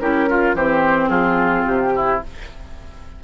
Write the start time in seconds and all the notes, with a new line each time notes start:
0.00 C#4 E4 G4 A#4
0.29 F4
0.54 E3 C4 G4 C5
1.09 F3 F4 G#4
1.66 C3 G4
1.96 E4